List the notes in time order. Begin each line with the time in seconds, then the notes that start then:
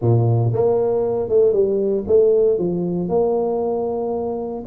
0.01 A#2
0.53 A#3
1.29 A3
1.52 G3
2.07 A3
2.58 F3
3.08 A#3